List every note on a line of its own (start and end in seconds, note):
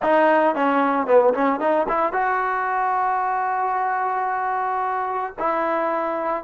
0.02 0.55 D#4
0.55 1.07 C#4
1.07 1.33 B3
1.34 1.60 C#4
1.60 1.87 D#4
1.88 2.12 E4
2.12 5.34 F#4
5.38 6.43 E4